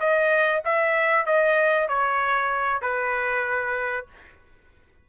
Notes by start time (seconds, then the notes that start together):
0.00 D#5
0.65 E5
1.26 D#5
1.89 C#5
2.82 B4